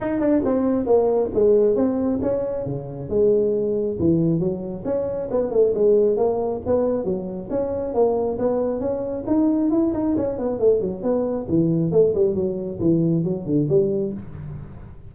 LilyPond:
\new Staff \with { instrumentName = "tuba" } { \time 4/4 \tempo 4 = 136 dis'8 d'8 c'4 ais4 gis4 | c'4 cis'4 cis4 gis4~ | gis4 e4 fis4 cis'4 | b8 a8 gis4 ais4 b4 |
fis4 cis'4 ais4 b4 | cis'4 dis'4 e'8 dis'8 cis'8 b8 | a8 fis8 b4 e4 a8 g8 | fis4 e4 fis8 d8 g4 | }